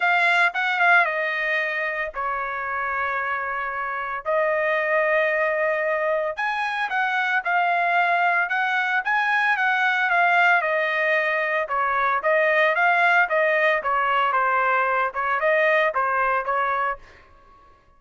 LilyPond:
\new Staff \with { instrumentName = "trumpet" } { \time 4/4 \tempo 4 = 113 f''4 fis''8 f''8 dis''2 | cis''1 | dis''1 | gis''4 fis''4 f''2 |
fis''4 gis''4 fis''4 f''4 | dis''2 cis''4 dis''4 | f''4 dis''4 cis''4 c''4~ | c''8 cis''8 dis''4 c''4 cis''4 | }